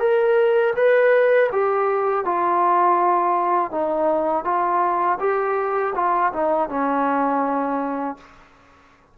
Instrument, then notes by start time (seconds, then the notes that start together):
trombone
0.00 A#4
0.76 B4
1.53 G4
2.25 F4
3.72 D#4
4.45 F4
5.20 G4
5.96 F4
6.33 D#4
6.69 C#4